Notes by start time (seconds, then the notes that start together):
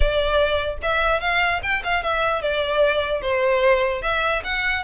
0.00 D5
0.82 E5
1.20 F5
1.62 G5
1.84 F5
2.03 E5
2.41 D5
3.21 C5
4.02 E5
4.43 F#5